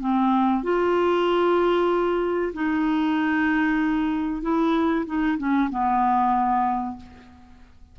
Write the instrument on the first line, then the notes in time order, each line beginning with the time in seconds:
clarinet
0.00 C4
0.63 F4
2.54 D#4
4.42 E4
5.06 D#4
5.38 C#4
5.71 B3